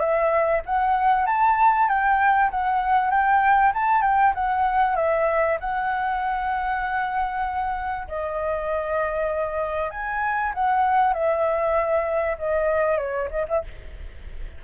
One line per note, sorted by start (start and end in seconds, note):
0.00 0.62 E5
0.66 1.27 F#5
1.27 1.88 A5
1.88 2.50 G5
2.51 3.11 F#5
3.11 3.73 G5
3.75 4.02 A5
4.02 4.33 G5
4.35 4.96 F#5
4.96 5.58 E5
5.60 8.08 F#5
8.08 9.91 D#5
9.91 10.53 G#5
10.54 11.14 F#5
11.14 12.37 E5
12.39 12.98 D#5
12.98 13.29 C#5
13.31 13.46 D#5
13.48 13.64 E5